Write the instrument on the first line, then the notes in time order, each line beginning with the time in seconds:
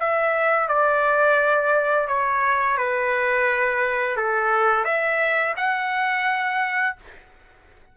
trumpet
0.00 E5
0.68 D5
2.08 C#5
2.77 B4
4.17 A4
4.85 E5
5.57 F#5